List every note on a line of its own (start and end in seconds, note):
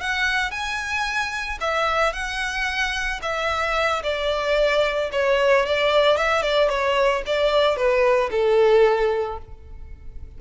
0.00 0.51 F#5
0.51 1.58 G#5
1.60 2.13 E5
2.13 3.20 F#5
3.22 4.02 E5
4.03 5.10 D5
5.12 5.65 C#5
5.65 6.17 D5
6.17 6.42 E5
6.42 6.69 D5
6.69 7.22 C#5
7.26 7.76 D5
7.76 8.30 B4
8.31 9.38 A4